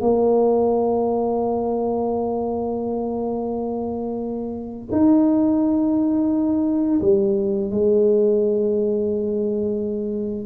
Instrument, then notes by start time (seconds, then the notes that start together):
tuba
0.00 A#3
4.91 D#4
7.01 G3
7.70 G#3